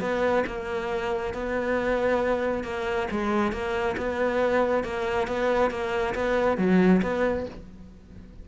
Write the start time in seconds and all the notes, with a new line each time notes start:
0.00 B3
0.46 A#3
1.34 B3
2.64 A#3
3.11 G#3
3.52 A#3
3.97 B3
4.84 A#3
5.27 B3
5.70 A#3
6.14 B3
6.57 F#3
7.02 B3